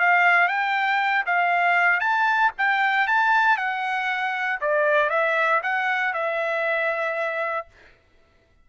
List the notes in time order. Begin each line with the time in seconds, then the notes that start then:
0.00 F5
0.48 G5
1.26 F5
2.00 A5
2.58 G5
3.07 A5
3.57 F#5
4.61 D5
5.10 E5
5.63 F#5
6.14 E5